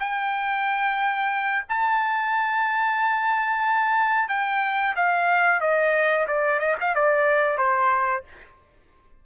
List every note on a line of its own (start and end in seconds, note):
0.00 1.65 G5
1.69 4.29 A5
4.29 4.95 G5
4.96 5.61 F5
5.61 6.27 D#5
6.28 6.60 D5
6.60 6.76 D#5
6.81 6.95 F5
6.95 7.58 D5
7.58 8.24 C5